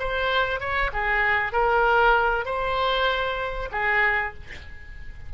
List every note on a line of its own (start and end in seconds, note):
0.00 0.60 C5
0.60 0.91 C#5
0.93 1.53 G#4
1.53 2.46 A#4
2.46 3.69 C5
3.72 4.34 G#4